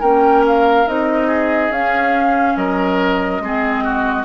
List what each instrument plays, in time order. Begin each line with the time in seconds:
0.00 bassoon A#3, clarinet C#4, oboe A#4, flute G5
0.47 flute F5
0.86 bassoon C4, clarinet D#4, flute D#5
1.27 oboe G#4
1.69 bassoon C#4, clarinet C#4, flute F5
2.56 bassoon F#3, oboe A#4, flute D#5
3.40 bassoon G#3, clarinet C4, oboe G#4
3.84 oboe F#4